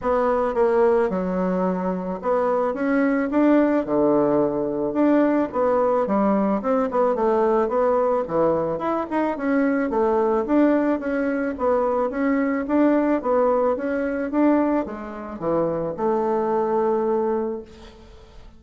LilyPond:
\new Staff \with { instrumentName = "bassoon" } { \time 4/4 \tempo 4 = 109 b4 ais4 fis2 | b4 cis'4 d'4 d4~ | d4 d'4 b4 g4 | c'8 b8 a4 b4 e4 |
e'8 dis'8 cis'4 a4 d'4 | cis'4 b4 cis'4 d'4 | b4 cis'4 d'4 gis4 | e4 a2. | }